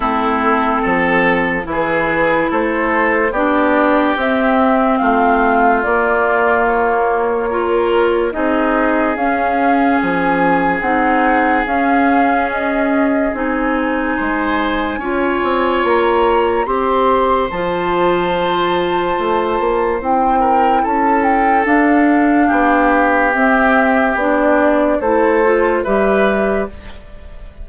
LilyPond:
<<
  \new Staff \with { instrumentName = "flute" } { \time 4/4 \tempo 4 = 72 a'2 b'4 c''4 | d''4 e''4 f''4 d''4 | cis''2 dis''4 f''4 | gis''4 fis''4 f''4 dis''4 |
gis''2. ais''4 | c'''4 a''2. | g''4 a''8 g''8 f''2 | e''4 d''4 c''4 e''4 | }
  \new Staff \with { instrumentName = "oboe" } { \time 4/4 e'4 a'4 gis'4 a'4 | g'2 f'2~ | f'4 ais'4 gis'2~ | gis'1~ |
gis'4 c''4 cis''2 | c''1~ | c''8 ais'8 a'2 g'4~ | g'2 a'4 b'4 | }
  \new Staff \with { instrumentName = "clarinet" } { \time 4/4 c'2 e'2 | d'4 c'2 ais4~ | ais4 f'4 dis'4 cis'4~ | cis'4 dis'4 cis'2 |
dis'2 f'2 | g'4 f'2. | e'2 d'2 | c'4 d'4 e'8 f'8 g'4 | }
  \new Staff \with { instrumentName = "bassoon" } { \time 4/4 a4 f4 e4 a4 | b4 c'4 a4 ais4~ | ais2 c'4 cis'4 | f4 c'4 cis'2 |
c'4 gis4 cis'8 c'8 ais4 | c'4 f2 a8 ais8 | c'4 cis'4 d'4 b4 | c'4 b4 a4 g4 | }
>>